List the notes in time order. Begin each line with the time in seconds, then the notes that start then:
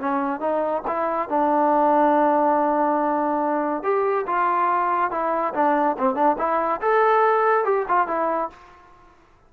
0.00 C#4
0.41 D#4
0.88 E4
1.29 D4
3.84 G4
4.27 F4
5.11 E4
5.54 D4
5.99 C4
6.15 D4
6.38 E4
6.82 A4
7.65 G4
7.89 F4
8.08 E4